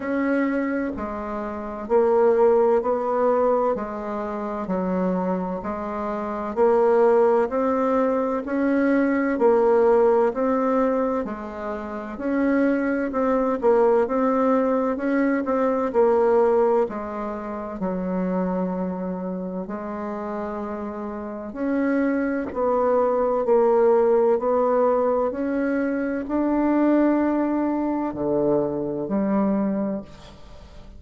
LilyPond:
\new Staff \with { instrumentName = "bassoon" } { \time 4/4 \tempo 4 = 64 cis'4 gis4 ais4 b4 | gis4 fis4 gis4 ais4 | c'4 cis'4 ais4 c'4 | gis4 cis'4 c'8 ais8 c'4 |
cis'8 c'8 ais4 gis4 fis4~ | fis4 gis2 cis'4 | b4 ais4 b4 cis'4 | d'2 d4 g4 | }